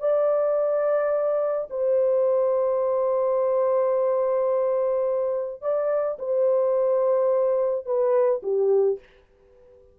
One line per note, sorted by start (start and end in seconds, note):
0.00 1.68 D5
1.70 5.62 C5
5.62 6.18 D5
6.19 7.86 C5
7.86 8.42 B4
8.43 8.99 G4